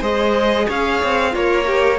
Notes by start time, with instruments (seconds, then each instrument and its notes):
0.00 cello G#3, viola G#4, violin C5 D#5
0.68 cello C#4, violin C#5 F5
1.03 cello C4
1.32 cello A#3, violin F4 C#5, viola A#4
1.66 violin G4